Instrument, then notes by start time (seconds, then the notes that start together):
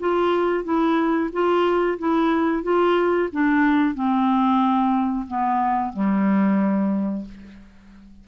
clarinet
0.00 F4
0.64 E4
1.33 F4
1.99 E4
2.63 F4
3.32 D4
3.95 C4
5.28 B3
5.93 G3